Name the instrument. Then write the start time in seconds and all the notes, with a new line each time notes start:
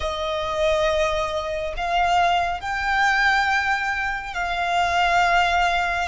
violin
0.00 D#5
1.76 F5
2.60 G5
4.34 F5